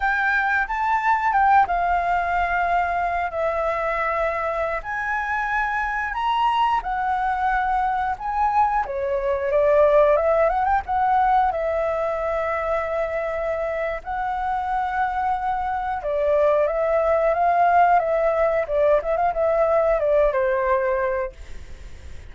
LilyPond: \new Staff \with { instrumentName = "flute" } { \time 4/4 \tempo 4 = 90 g''4 a''4 g''8 f''4.~ | f''4 e''2~ e''16 gis''8.~ | gis''4~ gis''16 ais''4 fis''4.~ fis''16~ | fis''16 gis''4 cis''4 d''4 e''8 fis''16 |
g''16 fis''4 e''2~ e''8.~ | e''4 fis''2. | d''4 e''4 f''4 e''4 | d''8 e''16 f''16 e''4 d''8 c''4. | }